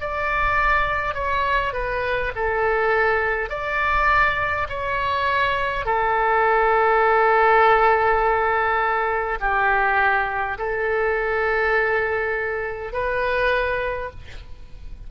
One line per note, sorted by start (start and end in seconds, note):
0.00 1.14 D5
1.14 1.73 C#5
1.73 2.32 B4
2.35 3.50 A4
3.50 4.67 D5
4.69 5.86 C#5
5.86 9.39 A4
9.40 10.58 G4
10.58 12.93 A4
12.93 14.10 B4